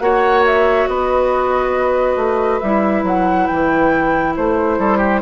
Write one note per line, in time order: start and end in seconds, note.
0.00 0.87 A#3
0.00 2.61 F#4
0.00 0.89 C#5
0.00 0.44 F#5
0.47 0.88 E5
0.88 2.16 B3
0.88 4.79 B4
0.88 2.60 D#5
2.16 2.60 A3
2.60 3.03 G3
2.60 5.22 E4
2.60 3.03 E5
3.03 3.47 F#3
3.03 3.47 F#5
3.47 4.37 E3
3.47 4.34 G5
4.36 4.78 A3
4.36 5.22 C5
4.78 5.22 G3
4.78 4.98 A4
4.98 5.20 G4